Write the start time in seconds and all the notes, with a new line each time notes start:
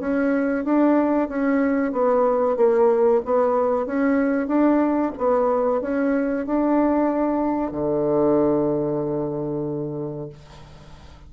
0.00 C#4
0.65 D4
1.29 C#4
1.92 B3
2.57 A#3
3.25 B3
3.87 C#4
4.48 D4
5.18 B3
5.82 C#4
6.46 D4
7.72 D3